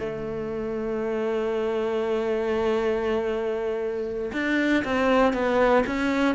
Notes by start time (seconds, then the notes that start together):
0.00 A3
4.33 D4
4.84 C4
5.33 B3
5.87 C#4